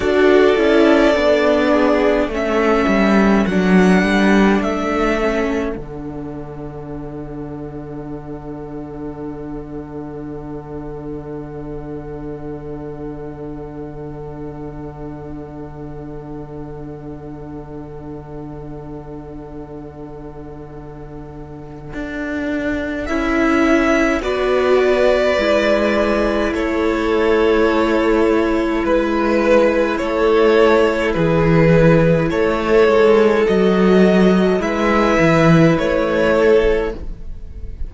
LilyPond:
<<
  \new Staff \with { instrumentName = "violin" } { \time 4/4 \tempo 4 = 52 d''2 e''4 fis''4 | e''4 fis''2.~ | fis''1~ | fis''1~ |
fis''1 | e''4 d''2 cis''4~ | cis''4 b'4 cis''4 b'4 | cis''4 dis''4 e''4 cis''4 | }
  \new Staff \with { instrumentName = "violin" } { \time 4/4 a'4. gis'8 a'2~ | a'1~ | a'1~ | a'1~ |
a'1~ | a'4 b'2 a'4~ | a'4 b'4 a'4 gis'4 | a'2 b'4. a'8 | }
  \new Staff \with { instrumentName = "viola" } { \time 4/4 fis'8 e'8 d'4 cis'4 d'4~ | d'8 cis'8 d'2.~ | d'1~ | d'1~ |
d'1 | e'4 fis'4 e'2~ | e'1~ | e'4 fis'4 e'2 | }
  \new Staff \with { instrumentName = "cello" } { \time 4/4 d'8 cis'8 b4 a8 g8 fis8 g8 | a4 d2.~ | d1~ | d1~ |
d2. d'4 | cis'4 b4 gis4 a4~ | a4 gis4 a4 e4 | a8 gis8 fis4 gis8 e8 a4 | }
>>